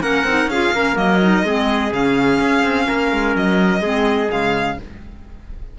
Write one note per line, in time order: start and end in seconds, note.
0.00 0.24 A#3
0.00 0.25 C#4
0.00 0.49 A#4
0.00 0.49 F#5
0.24 0.45 C4
0.24 0.51 D#4
0.45 0.69 C#4
0.45 0.74 G#4
0.45 0.97 F5
0.52 0.74 F4
0.72 0.95 A#3
0.72 0.94 C#4
0.72 1.46 A#4
0.94 1.43 F#3
0.94 1.17 A#3
0.94 1.92 D#5
1.21 1.44 D#4
1.43 1.91 G#3
1.43 1.90 C4
1.43 2.86 G#4
1.90 2.39 C#3
1.90 3.81 C#4
1.90 3.36 F5
2.39 2.63 C#4
2.63 2.87 C4
2.86 3.12 A#3
2.86 3.81 A#4
3.12 3.35 G#3
3.35 3.81 F#3
3.35 4.30 D#5
3.81 4.28 G#3
3.81 4.27 C4
3.81 4.77 G#4
4.27 4.79 C#3
4.27 4.75 G#3
4.27 4.78 F5